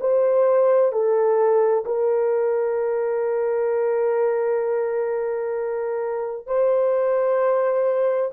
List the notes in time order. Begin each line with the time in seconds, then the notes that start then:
0.00 C5
0.92 A4
1.85 A#4
6.47 C5